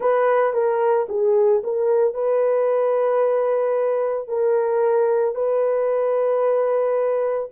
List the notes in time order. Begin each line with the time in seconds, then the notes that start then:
0.00 B4
0.53 A#4
1.09 G#4
1.63 A#4
2.14 B4
4.28 A#4
5.35 B4